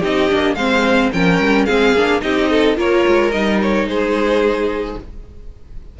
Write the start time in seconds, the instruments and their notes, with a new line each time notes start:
0.00 cello C4, viola D#4, violin G4 D#5
0.29 cello A#3, viola D4
0.54 cello G#3, viola C4, violin C5 F5
1.12 cello F3, viola C#4, violin A#4 G5
1.39 cello G3
1.65 cello G#3, viola C4, violin G#4 F5
1.93 cello A#3, viola D4
2.21 cello C4, viola D#4, violin G4 D#5
2.50 violin A4
2.76 cello A#3, viola F4, violin A#4 C#5
3.07 cello G#3
3.31 cello G3, viola D#4, violin D#5
3.62 violin C#5
3.84 cello G#3, violin G#4 C5